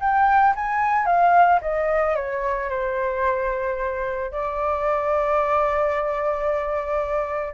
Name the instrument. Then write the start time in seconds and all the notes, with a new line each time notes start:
flute
0.00 G5
0.55 G#5
1.06 F5
1.61 D#5
2.15 C#5
2.69 C5
4.31 D5